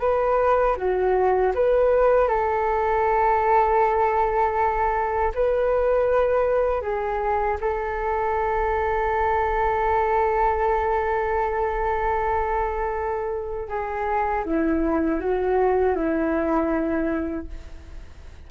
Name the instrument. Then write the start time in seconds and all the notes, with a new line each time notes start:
flute
0.00 B4
0.77 F#4
1.55 B4
2.29 A4
5.35 B4
6.81 G#4
7.61 A4
13.68 G#4
14.45 E4
15.20 F#4
15.96 E4